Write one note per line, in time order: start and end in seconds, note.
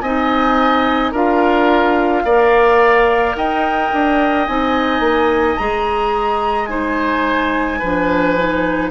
0.00 1.12 C4
0.00 1.14 D#4
0.00 1.11 D#5
0.00 1.11 G#5
1.11 2.23 D4
1.11 2.25 F4
1.11 2.22 A#4
1.11 3.36 F5
2.24 3.35 A#3
2.24 4.48 A#4
2.24 3.36 D5
3.35 3.91 D#4
3.35 6.69 D#5
3.35 4.46 G5
3.92 4.48 D4
4.46 5.00 C4
4.46 5.59 D#4
4.46 5.56 G#5
5.00 5.55 A#3
5.56 7.81 G#3
5.56 6.68 G#4
5.56 6.65 A#5
6.65 7.79 D#4
6.65 7.78 C5
6.65 8.87 G#5
7.78 8.90 F3
7.78 8.37 D4
7.78 8.90 B4
8.37 8.90 D#4